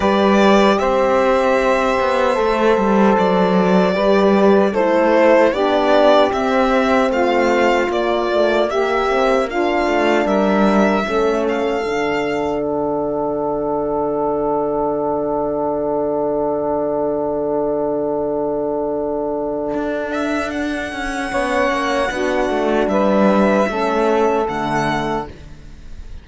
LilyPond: <<
  \new Staff \with { instrumentName = "violin" } { \time 4/4 \tempo 4 = 76 d''4 e''2. | d''2 c''4 d''4 | e''4 f''4 d''4 e''4 | f''4 e''4. f''4. |
fis''1~ | fis''1~ | fis''4. e''8 fis''2~ | fis''4 e''2 fis''4 | }
  \new Staff \with { instrumentName = "saxophone" } { \time 4/4 b'4 c''2.~ | c''4 b'4 a'4 g'4~ | g'4 f'2 g'4 | f'4 ais'4 a'2~ |
a'1~ | a'1~ | a'2. cis''4 | fis'4 b'4 a'2 | }
  \new Staff \with { instrumentName = "horn" } { \time 4/4 g'2. a'4~ | a'4 g'4 e'4 d'4 | c'2 ais8 a8 ais8 c'8 | d'2 cis'4 d'4~ |
d'1~ | d'1~ | d'2. cis'4 | d'2 cis'4 a4 | }
  \new Staff \with { instrumentName = "cello" } { \time 4/4 g4 c'4. b8 a8 g8 | fis4 g4 a4 b4 | c'4 a4 ais2~ | ais8 a8 g4 a4 d4~ |
d1~ | d1~ | d4 d'4. cis'8 b8 ais8 | b8 a8 g4 a4 d4 | }
>>